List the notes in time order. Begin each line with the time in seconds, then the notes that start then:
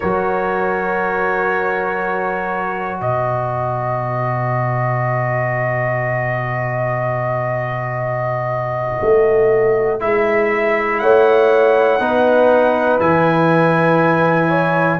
0.00 F#3 F#4 A#4 C#5
2.98 B2 B4 D#5
9.01 A3
10.00 G#3 E4 E5
10.99 A3 C#5 F#5
11.99 B3 D#4 B4
12.99 E3 E4 G#5
14.48 C#5